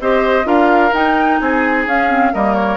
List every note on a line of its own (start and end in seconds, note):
0.00 0.45 C4
0.00 0.44 G4
0.00 0.46 C5
0.00 0.47 D#5
0.44 0.91 D4
0.44 0.90 F4
0.44 1.39 A#4
0.44 0.94 F5
0.92 1.39 D#4
0.92 1.87 D#4
0.92 1.39 G5
1.39 1.86 C4
1.39 2.33 G#4
1.39 1.86 G#5
1.86 2.32 C#4
1.86 2.09 C#4
1.86 2.34 F5
2.09 2.32 C4
2.33 2.77 G3
2.33 2.77 A#3
2.33 2.77 A#4
2.33 2.54 D#5
2.54 2.77 C#5